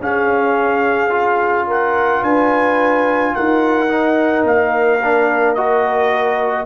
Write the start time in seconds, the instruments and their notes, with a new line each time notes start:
0.00 tuba C#4, trombone C#4, horn G#4, trumpet F5
1.10 trombone F4
1.67 horn A#4, trumpet F#5
2.22 tuba D4, horn B4, trumpet G#5
3.34 tuba D#4, horn A#4, trumpet F#5
3.88 trombone D#4
4.44 tuba A#3, trumpet F5
5.03 trombone D4
5.55 trombone F#4, trumpet D#5